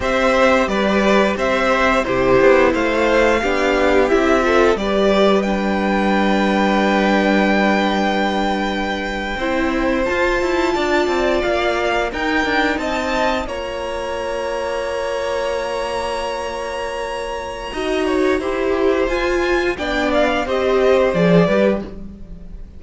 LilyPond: <<
  \new Staff \with { instrumentName = "violin" } { \time 4/4 \tempo 4 = 88 e''4 d''4 e''4 c''4 | f''2 e''4 d''4 | g''1~ | g''2~ g''8. a''4~ a''16~ |
a''8. f''4 g''4 a''4 ais''16~ | ais''1~ | ais''1 | gis''4 g''8 f''8 dis''4 d''4 | }
  \new Staff \with { instrumentName = "violin" } { \time 4/4 c''4 b'4 c''4 g'4 | c''4 g'4. a'8 b'4~ | b'1~ | b'4.~ b'16 c''2 d''16~ |
d''4.~ d''16 ais'4 dis''4 cis''16~ | cis''1~ | cis''2 dis''8 cis''8 c''4~ | c''4 d''4 c''4. b'8 | }
  \new Staff \with { instrumentName = "viola" } { \time 4/4 g'2. e'4~ | e'4 d'4 e'8 f'8 g'4 | d'1~ | d'4.~ d'16 e'4 f'4~ f'16~ |
f'4.~ f'16 dis'2 f'16~ | f'1~ | f'2 fis'4 g'4 | f'4 d'4 g'4 gis'8 g'8 | }
  \new Staff \with { instrumentName = "cello" } { \time 4/4 c'4 g4 c'4 c8 b8 | a4 b4 c'4 g4~ | g1~ | g4.~ g16 c'4 f'8 e'8 d'16~ |
d'16 c'8 ais4 dis'8 d'8 c'4 ais16~ | ais1~ | ais2 dis'4 e'4 | f'4 b4 c'4 f8 g8 | }
>>